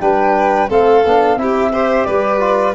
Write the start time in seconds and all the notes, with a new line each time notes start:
0.00 G3 D4 B4 G5
0.69 A3 C4 A4 F5
1.05 B3 D4
1.36 C4 E4 G4 E5
1.73 G4 C5
2.04 G3 B4 D5
2.40 F4